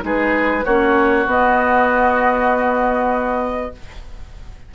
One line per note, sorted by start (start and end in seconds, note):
0.00 0.64 G#3
0.00 0.61 D#4
0.00 0.65 G#4
0.00 0.64 B4
0.64 1.26 A#3
0.64 1.27 C#4
0.64 3.71 F#4
0.64 1.26 C#5
1.26 3.71 B3
1.26 3.74 D#5